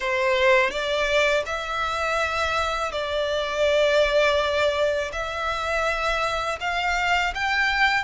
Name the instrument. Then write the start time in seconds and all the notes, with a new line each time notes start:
violin
0.00 C5
0.70 D5
1.46 E5
2.91 D5
5.12 E5
6.60 F5
7.34 G5